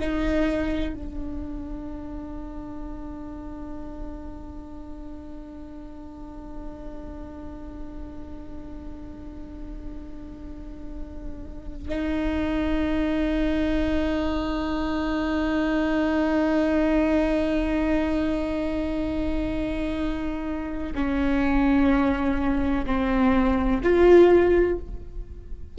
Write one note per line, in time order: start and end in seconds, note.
0.00 0.94 D#4
0.94 11.89 D4
11.89 20.94 D#4
20.95 22.85 C#4
22.86 23.81 C4
23.84 24.79 F4